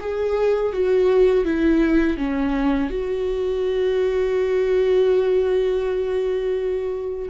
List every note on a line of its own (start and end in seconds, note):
0.00 0.73 G#4
0.73 1.45 F#4
1.45 2.17 E4
2.17 2.90 C#4
2.90 7.29 F#4